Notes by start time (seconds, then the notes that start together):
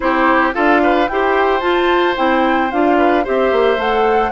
0.00 C4 E4 G4 C5
0.53 D4 F4 A4 F5
0.82 B4
1.07 E4 G4 C5 G5
1.60 F4 A5
2.15 C4 E4 G5
2.71 D4 F4 F5
2.97 B4
3.24 C4 G4 C5 E5
3.52 A#3
3.77 A3 A4 F#5